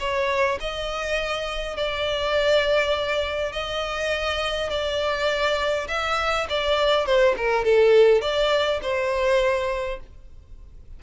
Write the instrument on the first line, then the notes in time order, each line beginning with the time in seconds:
violin
0.00 C#5
0.60 D#5
1.77 D5
3.52 D#5
4.70 D5
5.88 E5
6.49 D5
7.06 C5
7.37 A#4
7.65 A4
8.22 D5
8.83 C5